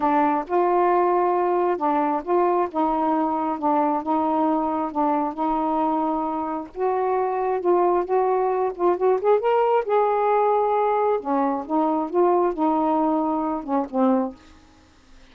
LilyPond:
\new Staff \with { instrumentName = "saxophone" } { \time 4/4 \tempo 4 = 134 d'4 f'2. | d'4 f'4 dis'2 | d'4 dis'2 d'4 | dis'2. fis'4~ |
fis'4 f'4 fis'4. f'8 | fis'8 gis'8 ais'4 gis'2~ | gis'4 cis'4 dis'4 f'4 | dis'2~ dis'8 cis'8 c'4 | }